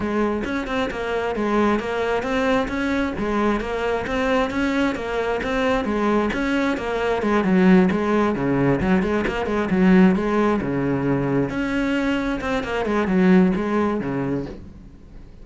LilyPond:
\new Staff \with { instrumentName = "cello" } { \time 4/4 \tempo 4 = 133 gis4 cis'8 c'8 ais4 gis4 | ais4 c'4 cis'4 gis4 | ais4 c'4 cis'4 ais4 | c'4 gis4 cis'4 ais4 |
gis8 fis4 gis4 cis4 fis8 | gis8 ais8 gis8 fis4 gis4 cis8~ | cis4. cis'2 c'8 | ais8 gis8 fis4 gis4 cis4 | }